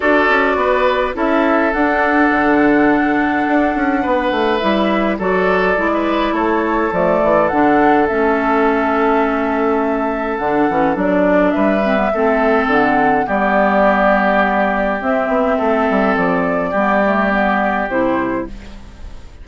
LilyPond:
<<
  \new Staff \with { instrumentName = "flute" } { \time 4/4 \tempo 4 = 104 d''2 e''4 fis''4~ | fis''1 | e''4 d''2 cis''4 | d''4 fis''4 e''2~ |
e''2 fis''4 d''4 | e''2 fis''4 d''4~ | d''2 e''2 | d''2. c''4 | }
  \new Staff \with { instrumentName = "oboe" } { \time 4/4 a'4 b'4 a'2~ | a'2. b'4~ | b'4 a'4~ a'16 b'8. a'4~ | a'1~ |
a'1 | b'4 a'2 g'4~ | g'2. a'4~ | a'4 g'2. | }
  \new Staff \with { instrumentName = "clarinet" } { \time 4/4 fis'2 e'4 d'4~ | d'1 | e'4 fis'4 e'2 | a4 d'4 cis'2~ |
cis'2 d'8 cis'8 d'4~ | d'8 c'16 b16 c'2 b4~ | b2 c'2~ | c'4 b8 a8 b4 e'4 | }
  \new Staff \with { instrumentName = "bassoon" } { \time 4/4 d'8 cis'8 b4 cis'4 d'4 | d2 d'8 cis'8 b8 a8 | g4 fis4 gis4 a4 | f8 e8 d4 a2~ |
a2 d8 e8 fis4 | g4 a4 d4 g4~ | g2 c'8 b8 a8 g8 | f4 g2 c4 | }
>>